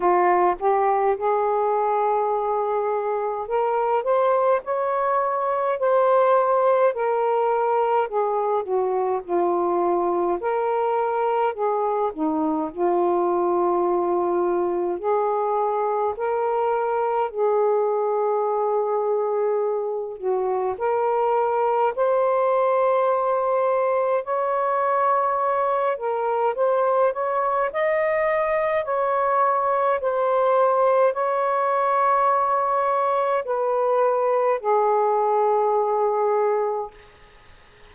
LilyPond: \new Staff \with { instrumentName = "saxophone" } { \time 4/4 \tempo 4 = 52 f'8 g'8 gis'2 ais'8 c''8 | cis''4 c''4 ais'4 gis'8 fis'8 | f'4 ais'4 gis'8 dis'8 f'4~ | f'4 gis'4 ais'4 gis'4~ |
gis'4. fis'8 ais'4 c''4~ | c''4 cis''4. ais'8 c''8 cis''8 | dis''4 cis''4 c''4 cis''4~ | cis''4 b'4 gis'2 | }